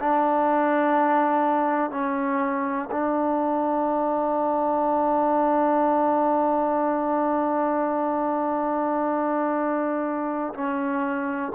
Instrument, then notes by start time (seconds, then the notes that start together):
trombone
0.00 D4
1.91 C#4
2.91 D4
10.54 C#4